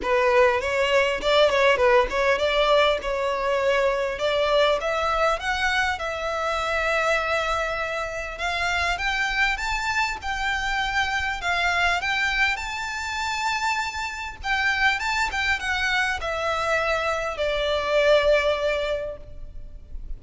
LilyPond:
\new Staff \with { instrumentName = "violin" } { \time 4/4 \tempo 4 = 100 b'4 cis''4 d''8 cis''8 b'8 cis''8 | d''4 cis''2 d''4 | e''4 fis''4 e''2~ | e''2 f''4 g''4 |
a''4 g''2 f''4 | g''4 a''2. | g''4 a''8 g''8 fis''4 e''4~ | e''4 d''2. | }